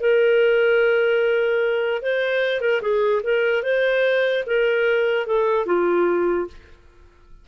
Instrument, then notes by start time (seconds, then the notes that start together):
clarinet
0.00 A#4
2.02 C5
2.61 A#4
2.82 G#4
3.23 A#4
3.63 C5
4.46 A#4
5.26 A4
5.66 F4